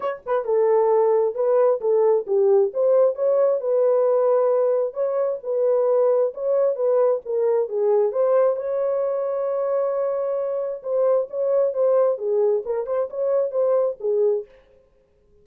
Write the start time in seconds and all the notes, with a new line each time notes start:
0.00 C#5
0.25 B4
0.44 A4
1.35 B4
1.80 A4
2.27 G4
2.73 C5
3.15 C#5
3.60 B4
4.93 C#5
5.43 B4
6.33 C#5
6.75 B4
7.25 A#4
7.68 G#4
8.12 C5
8.56 C#5
10.82 C5
11.30 C#5
11.73 C5
12.18 G#4
12.65 A#4
12.86 C5
13.10 C#5
13.51 C5
14.00 G#4